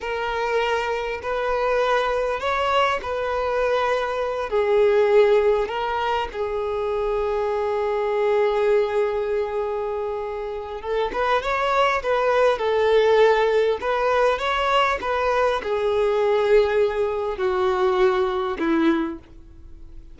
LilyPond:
\new Staff \with { instrumentName = "violin" } { \time 4/4 \tempo 4 = 100 ais'2 b'2 | cis''4 b'2~ b'8 gis'8~ | gis'4. ais'4 gis'4.~ | gis'1~ |
gis'2 a'8 b'8 cis''4 | b'4 a'2 b'4 | cis''4 b'4 gis'2~ | gis'4 fis'2 e'4 | }